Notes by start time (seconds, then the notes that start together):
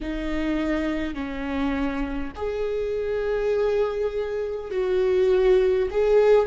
0.00 D#4
1.14 C#4
2.35 G#4
4.71 F#4
5.90 G#4